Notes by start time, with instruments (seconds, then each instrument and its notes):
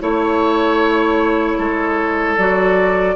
0.00 bassoon A3, clarinet E4, flute C#5, oboe C#5
1.58 bassoon G#3, oboe A4
2.37 bassoon F#3, clarinet F#4, flute D5